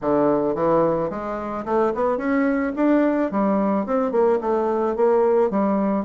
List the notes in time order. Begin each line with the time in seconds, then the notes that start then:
0.01 D3
0.54 E3
1.10 G#3
1.65 A3
1.94 B3
2.17 C#4
2.75 D4
3.31 G3
3.86 C4
4.11 A#3
4.40 A3
4.96 A#3
5.50 G3